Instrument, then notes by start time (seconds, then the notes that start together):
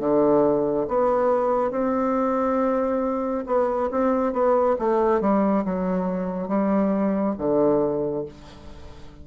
bassoon
0.00 D3
0.89 B3
1.71 C4
3.47 B3
3.92 C4
4.33 B3
4.79 A3
5.21 G3
5.65 F#3
6.48 G3
7.38 D3